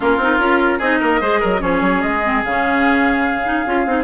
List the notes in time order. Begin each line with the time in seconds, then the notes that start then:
0.00 A#3 C#4 F4 A#4
0.17 C4 D#4
0.38 C#4 F4
0.78 C4 D#4 G#4 D#5
1.00 A#3 A#4
1.20 G#3 G#4 C5
1.39 F#3 A#4
1.59 F3 C#4 G#4 C#5
1.81 F#3
2.01 G#3 D#5
2.24 C4
2.44 C#3 C#4 F5
3.44 D#4
3.66 C#4 F4
3.85 C4 D#4